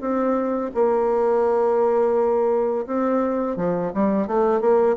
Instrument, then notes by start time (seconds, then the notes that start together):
bassoon
0.00 C4
0.74 A#3
2.86 C4
3.56 F3
3.93 G3
4.27 A3
4.60 A#3